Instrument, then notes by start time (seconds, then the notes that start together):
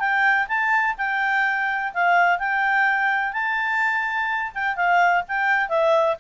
clarinet
0.00 G5
0.48 A5
0.98 G5
1.94 F5
2.39 G5
3.33 A5
4.55 G5
4.77 F5
5.28 G5
5.69 E5